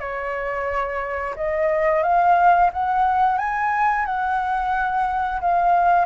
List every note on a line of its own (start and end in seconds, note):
0.00 1.35 C#5
1.36 2.03 D#5
2.03 2.71 F5
2.73 3.38 F#5
3.38 4.06 G#5
4.06 5.41 F#5
5.41 6.06 F5